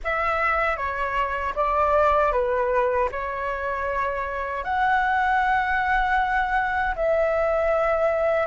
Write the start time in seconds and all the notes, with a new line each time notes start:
0.04 E5
0.77 C#5
1.55 D5
2.32 B4
3.11 C#5
4.64 F#5
6.95 E5